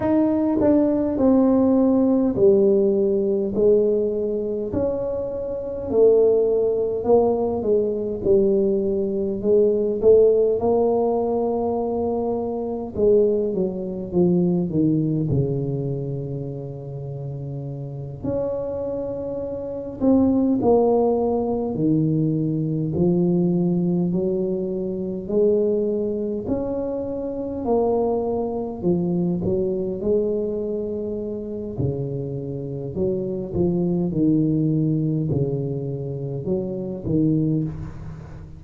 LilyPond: \new Staff \with { instrumentName = "tuba" } { \time 4/4 \tempo 4 = 51 dis'8 d'8 c'4 g4 gis4 | cis'4 a4 ais8 gis8 g4 | gis8 a8 ais2 gis8 fis8 | f8 dis8 cis2~ cis8 cis'8~ |
cis'4 c'8 ais4 dis4 f8~ | f8 fis4 gis4 cis'4 ais8~ | ais8 f8 fis8 gis4. cis4 | fis8 f8 dis4 cis4 fis8 dis8 | }